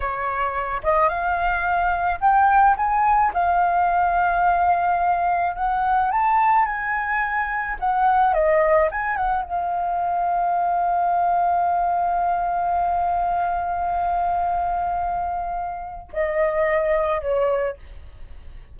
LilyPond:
\new Staff \with { instrumentName = "flute" } { \time 4/4 \tempo 4 = 108 cis''4. dis''8 f''2 | g''4 gis''4 f''2~ | f''2 fis''4 a''4 | gis''2 fis''4 dis''4 |
gis''8 fis''8 f''2.~ | f''1~ | f''1~ | f''4 dis''2 cis''4 | }